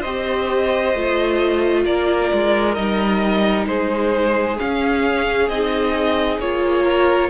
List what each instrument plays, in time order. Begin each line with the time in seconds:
0.00 cello C4, viola G4, violin C5 D#5
0.95 cello A3, viola F4
1.86 cello A#3, violin A#4 D5
2.33 cello G#3
2.75 cello G3, viola D#4, violin D#5
3.66 cello G#3, violin G#4 C5
4.58 viola C#4, cello C#4, violin F5
5.49 cello C4, viola D#4, violin D#5
6.40 cello A#3, viola F4, violin C#5
6.84 violin A#4